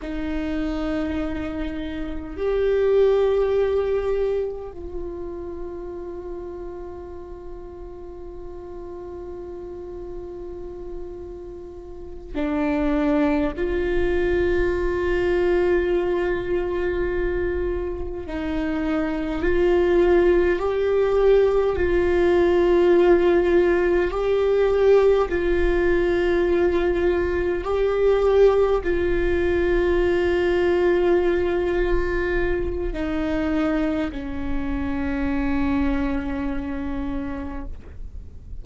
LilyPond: \new Staff \with { instrumentName = "viola" } { \time 4/4 \tempo 4 = 51 dis'2 g'2 | f'1~ | f'2~ f'8 d'4 f'8~ | f'2.~ f'8 dis'8~ |
dis'8 f'4 g'4 f'4.~ | f'8 g'4 f'2 g'8~ | g'8 f'2.~ f'8 | dis'4 cis'2. | }